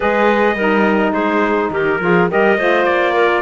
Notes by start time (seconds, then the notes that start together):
0.00 G#3 G#4 B4 D#5
0.55 G3 D#4 A#4
1.12 G#3 G#4 C5
1.70 D#3 G4 A#4
2.00 F3 F4 G#4
2.28 G3 G4 A#4 D#5
2.57 A3 F4 C5
2.84 A#3 D5
3.13 A#4